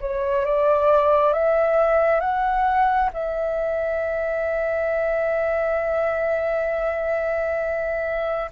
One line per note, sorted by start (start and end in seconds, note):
0.00 0.45 C#5
0.45 1.33 D5
1.33 2.20 E5
2.20 3.10 F#5
3.13 8.50 E5